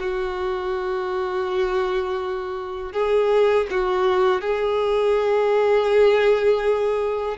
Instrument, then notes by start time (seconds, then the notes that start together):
violin
0.00 F#4
2.93 G#4
3.71 F#4
4.41 G#4